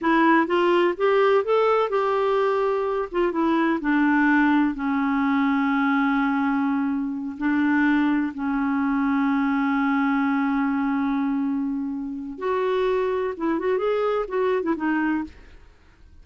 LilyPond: \new Staff \with { instrumentName = "clarinet" } { \time 4/4 \tempo 4 = 126 e'4 f'4 g'4 a'4 | g'2~ g'8 f'8 e'4 | d'2 cis'2~ | cis'2.~ cis'8 d'8~ |
d'4. cis'2~ cis'8~ | cis'1~ | cis'2 fis'2 | e'8 fis'8 gis'4 fis'8. e'16 dis'4 | }